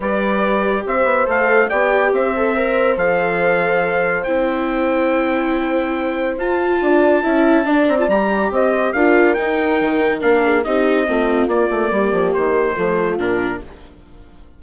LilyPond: <<
  \new Staff \with { instrumentName = "trumpet" } { \time 4/4 \tempo 4 = 141 d''2 e''4 f''4 | g''4 e''2 f''4~ | f''2 g''2~ | g''2. a''4~ |
a''2~ a''8 ais''16 a''16 ais''4 | dis''4 f''4 g''2 | f''4 dis''2 d''4~ | d''4 c''2 ais'4 | }
  \new Staff \with { instrumentName = "horn" } { \time 4/4 b'2 c''2 | d''4 c''2.~ | c''1~ | c''1 |
d''4 e''4 d''2 | c''4 ais'2.~ | ais'8 gis'8 g'4 f'2 | g'2 f'2 | }
  \new Staff \with { instrumentName = "viola" } { \time 4/4 g'2. a'4 | g'4. a'8 ais'4 a'4~ | a'2 e'2~ | e'2. f'4~ |
f'4 e'4 d'8. f'16 g'4~ | g'4 f'4 dis'2 | d'4 dis'4 c'4 ais4~ | ais2 a4 d'4 | }
  \new Staff \with { instrumentName = "bassoon" } { \time 4/4 g2 c'8 b8 a4 | b4 c'2 f4~ | f2 c'2~ | c'2. f'4 |
d'4 cis'4 d'8 c'8 g4 | c'4 d'4 dis'4 dis4 | ais4 c'4 a4 ais8 a8 | g8 f8 dis4 f4 ais,4 | }
>>